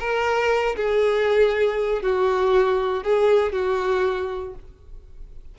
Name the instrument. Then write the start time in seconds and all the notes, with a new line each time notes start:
violin
0.00 A#4
0.77 G#4
2.03 F#4
3.04 G#4
3.53 F#4